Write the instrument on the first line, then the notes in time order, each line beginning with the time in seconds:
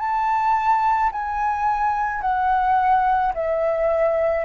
flute
0.00 A5
1.12 G#5
2.22 F#5
3.34 E5